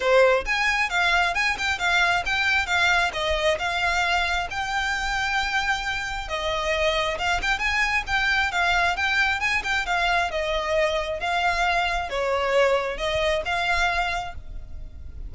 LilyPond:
\new Staff \with { instrumentName = "violin" } { \time 4/4 \tempo 4 = 134 c''4 gis''4 f''4 gis''8 g''8 | f''4 g''4 f''4 dis''4 | f''2 g''2~ | g''2 dis''2 |
f''8 g''8 gis''4 g''4 f''4 | g''4 gis''8 g''8 f''4 dis''4~ | dis''4 f''2 cis''4~ | cis''4 dis''4 f''2 | }